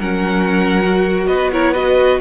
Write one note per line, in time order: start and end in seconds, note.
0.00 1.27 F#3
0.00 0.83 C#4
0.00 1.28 A#4
0.00 1.27 F#5
0.83 1.53 F#4
1.27 2.21 B3
1.27 1.51 B4
1.27 1.51 D#5
1.52 1.74 E4
1.52 1.73 A#4
1.52 1.74 C#5
1.73 2.21 F#4
1.73 2.20 B4
1.73 2.21 D#5